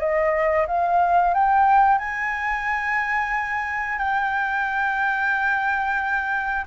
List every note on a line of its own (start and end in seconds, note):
0.00 0.67 D#5
0.68 1.34 F5
1.34 1.98 G5
1.98 3.98 G#5
3.98 6.65 G5